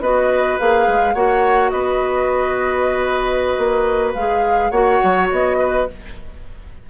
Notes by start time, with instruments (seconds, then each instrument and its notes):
0.00 bassoon B3, clarinet F#4, oboe B4, flute D#5
0.59 bassoon A#3, clarinet G#4, flute F5
0.87 bassoon G#3
1.14 bassoon A#3, clarinet F#4, oboe C#5, flute F#5
1.70 bassoon B3, oboe B4, flute D#5
3.57 bassoon A#3
4.13 bassoon G#3, clarinet G#4, flute F5
4.70 bassoon A#3, clarinet F#4, oboe C#5, flute F#5
5.03 bassoon F#3
5.31 bassoon B3, flute D#5
5.59 oboe B4